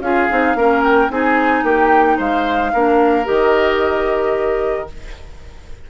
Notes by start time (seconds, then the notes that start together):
0.00 C#4 F4 G#4 F5
0.29 C4 D#4
0.55 A#3 C#4 A#4
0.84 G5
1.10 C4 D#4 G#4 G#5
1.63 A#3 G4 G5
2.17 G#3 C5 F5
2.73 A#3 D4 A#4
3.25 D#3 G4 D#5